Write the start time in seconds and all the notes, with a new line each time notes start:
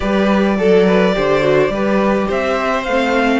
0.00 G3 G4 B4 D5
0.58 F#3 A4
0.86 B4
1.13 D3 G4 C5
1.42 F#4
1.68 G3 G4 B4
2.27 C4 C5 E5
2.84 A3 F5
2.90 C4